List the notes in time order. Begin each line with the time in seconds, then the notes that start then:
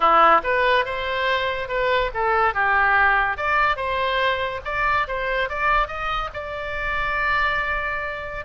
0.00 E4
0.43 B4
0.85 C5
1.68 B4
2.14 A4
2.54 G4
3.37 D5
3.76 C5
4.65 D5
5.07 C5
5.49 D5
5.87 D#5
6.33 D5